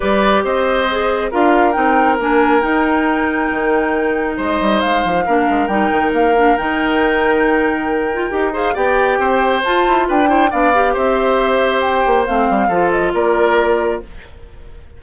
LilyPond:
<<
  \new Staff \with { instrumentName = "flute" } { \time 4/4 \tempo 4 = 137 d''4 dis''2 f''4 | g''4 gis''4 g''2~ | g''2 dis''4 f''4~ | f''4 g''4 f''4 g''4~ |
g''2.~ g''8 f''8 | g''2 a''4 g''4 | f''4 e''2 g''4 | f''4. dis''8 d''2 | }
  \new Staff \with { instrumentName = "oboe" } { \time 4/4 b'4 c''2 ais'4~ | ais'1~ | ais'2 c''2 | ais'1~ |
ais'2.~ ais'8 c''8 | d''4 c''2 b'8 c''8 | d''4 c''2.~ | c''4 a'4 ais'2 | }
  \new Staff \with { instrumentName = "clarinet" } { \time 4/4 g'2 gis'4 f'4 | dis'4 d'4 dis'2~ | dis'1 | d'4 dis'4. d'8 dis'4~ |
dis'2~ dis'8 f'8 g'8 gis'8 | g'2 f'4. e'8 | d'8 g'2.~ g'8 | c'4 f'2. | }
  \new Staff \with { instrumentName = "bassoon" } { \time 4/4 g4 c'2 d'4 | c'4 ais4 dis'2 | dis2 gis8 g8 gis8 f8 | ais8 gis8 g8 dis8 ais4 dis4~ |
dis2. dis'4 | b4 c'4 f'8 e'8 d'4 | b4 c'2~ c'8 ais8 | a8 g8 f4 ais2 | }
>>